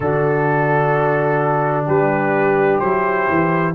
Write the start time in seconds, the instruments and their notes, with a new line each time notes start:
0.00 tuba D3, trombone D4, horn F#4, trumpet A4
1.85 tuba G3, horn G4, trumpet B4
2.79 tuba F#3, trombone E4, trumpet C5
3.29 tuba E3